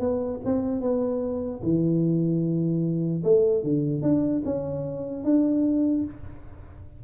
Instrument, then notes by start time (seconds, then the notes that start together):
tuba
0.00 B3
0.45 C4
0.81 B3
1.63 E3
3.24 A3
3.63 D3
4.02 D4
4.45 C#4
5.24 D4